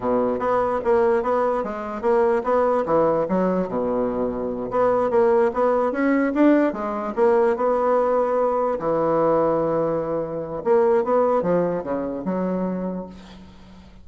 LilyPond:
\new Staff \with { instrumentName = "bassoon" } { \time 4/4 \tempo 4 = 147 b,4 b4 ais4 b4 | gis4 ais4 b4 e4 | fis4 b,2~ b,8 b8~ | b8 ais4 b4 cis'4 d'8~ |
d'8 gis4 ais4 b4.~ | b4. e2~ e8~ | e2 ais4 b4 | f4 cis4 fis2 | }